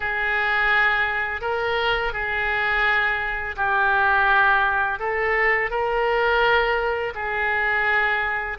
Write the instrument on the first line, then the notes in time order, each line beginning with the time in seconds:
oboe
0.00 G#4
1.41 A#4
2.12 G#4
3.56 G4
4.99 A4
5.70 A#4
7.14 G#4